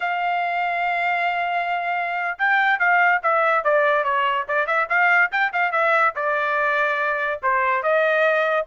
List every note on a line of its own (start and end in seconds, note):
0.00 2.38 F5
2.38 2.79 G5
2.79 3.21 F5
3.23 3.63 E5
3.63 4.04 D5
4.04 4.45 C#5
4.48 4.67 D5
4.67 4.87 E5
4.89 5.30 F5
5.31 5.52 G5
5.52 5.71 F5
5.71 6.13 E5
6.15 7.40 D5
7.42 7.82 C5
7.82 8.66 D#5